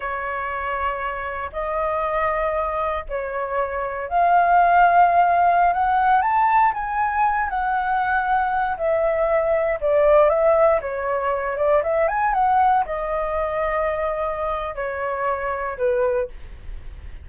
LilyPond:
\new Staff \with { instrumentName = "flute" } { \time 4/4 \tempo 4 = 118 cis''2. dis''4~ | dis''2 cis''2 | f''2.~ f''16 fis''8.~ | fis''16 a''4 gis''4. fis''4~ fis''16~ |
fis''4~ fis''16 e''2 d''8.~ | d''16 e''4 cis''4. d''8 e''8 gis''16~ | gis''16 fis''4 dis''2~ dis''8.~ | dis''4 cis''2 b'4 | }